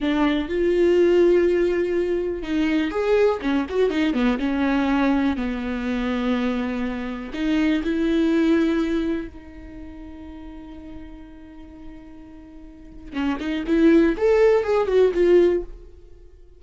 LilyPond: \new Staff \with { instrumentName = "viola" } { \time 4/4 \tempo 4 = 123 d'4 f'2.~ | f'4 dis'4 gis'4 cis'8 fis'8 | dis'8 b8 cis'2 b4~ | b2. dis'4 |
e'2. dis'4~ | dis'1~ | dis'2. cis'8 dis'8 | e'4 a'4 gis'8 fis'8 f'4 | }